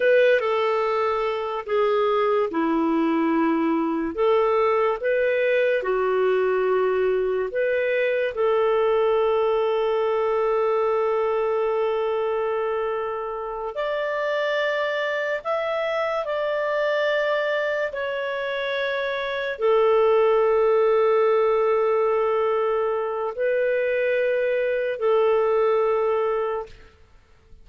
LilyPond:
\new Staff \with { instrumentName = "clarinet" } { \time 4/4 \tempo 4 = 72 b'8 a'4. gis'4 e'4~ | e'4 a'4 b'4 fis'4~ | fis'4 b'4 a'2~ | a'1~ |
a'8 d''2 e''4 d''8~ | d''4. cis''2 a'8~ | a'1 | b'2 a'2 | }